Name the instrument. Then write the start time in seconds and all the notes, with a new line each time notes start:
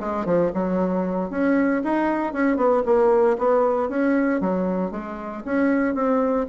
bassoon
0.00 G#3
0.26 F3
0.54 F#3
1.31 C#4
1.84 D#4
2.33 C#4
2.57 B3
2.86 A#3
3.39 B3
3.89 C#4
4.41 F#3
4.91 G#3
5.45 C#4
5.95 C4